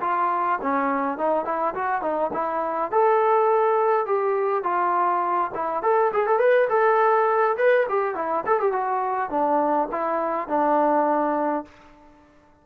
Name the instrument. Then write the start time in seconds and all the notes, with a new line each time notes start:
trombone
0.00 F4
0.61 C#4
1.18 D#4
1.45 E4
1.74 F#4
2.01 D#4
2.33 E4
2.91 A4
4.05 G4
4.63 F4
5.54 E4
5.82 A4
6.12 G#4
6.26 A4
6.39 B4
6.69 A4
7.57 B4
7.89 G4
8.15 E4
8.46 A4
8.59 G4
8.72 F#4
9.30 D4
9.91 E4
10.48 D4